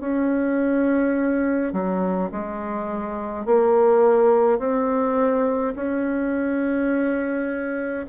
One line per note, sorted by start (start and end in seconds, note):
0.00 1.73 C#4
1.73 2.31 F#3
2.32 3.46 G#3
3.46 4.59 A#3
4.59 5.74 C4
5.76 8.07 C#4